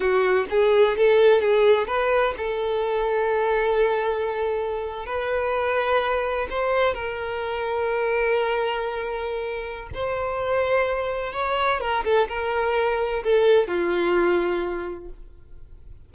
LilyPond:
\new Staff \with { instrumentName = "violin" } { \time 4/4 \tempo 4 = 127 fis'4 gis'4 a'4 gis'4 | b'4 a'2.~ | a'2~ a'8. b'4~ b'16~ | b'4.~ b'16 c''4 ais'4~ ais'16~ |
ais'1~ | ais'4 c''2. | cis''4 ais'8 a'8 ais'2 | a'4 f'2. | }